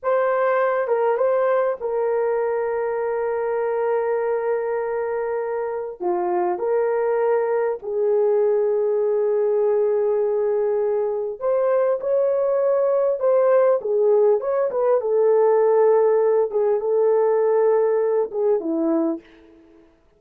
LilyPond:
\new Staff \with { instrumentName = "horn" } { \time 4/4 \tempo 4 = 100 c''4. ais'8 c''4 ais'4~ | ais'1~ | ais'2 f'4 ais'4~ | ais'4 gis'2.~ |
gis'2. c''4 | cis''2 c''4 gis'4 | cis''8 b'8 a'2~ a'8 gis'8 | a'2~ a'8 gis'8 e'4 | }